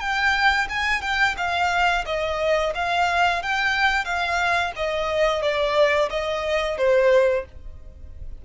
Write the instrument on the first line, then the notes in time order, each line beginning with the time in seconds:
violin
0.00 G5
0.69 G#5
1.01 G5
1.37 F5
2.06 D#5
2.75 F5
3.43 G5
4.05 F5
4.76 D#5
5.42 D5
6.10 D#5
6.78 C5